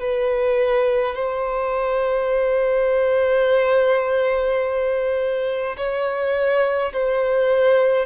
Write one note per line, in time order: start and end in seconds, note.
0.00 1.15 B4
1.15 5.77 C5
5.77 6.93 C#5
6.93 8.06 C5